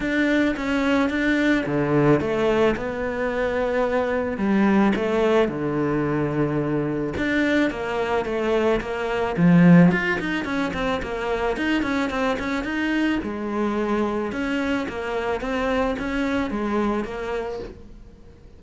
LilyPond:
\new Staff \with { instrumentName = "cello" } { \time 4/4 \tempo 4 = 109 d'4 cis'4 d'4 d4 | a4 b2. | g4 a4 d2~ | d4 d'4 ais4 a4 |
ais4 f4 f'8 dis'8 cis'8 c'8 | ais4 dis'8 cis'8 c'8 cis'8 dis'4 | gis2 cis'4 ais4 | c'4 cis'4 gis4 ais4 | }